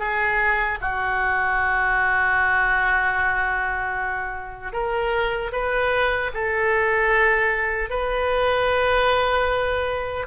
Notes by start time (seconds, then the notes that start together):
0.00 G#4
0.81 F#4
4.73 A#4
5.53 B4
6.34 A4
7.91 B4